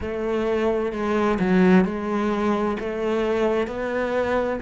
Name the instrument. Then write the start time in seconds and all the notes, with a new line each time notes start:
cello
0.00 A3
0.92 G#3
1.39 F#3
1.85 G#3
2.79 A3
3.67 B3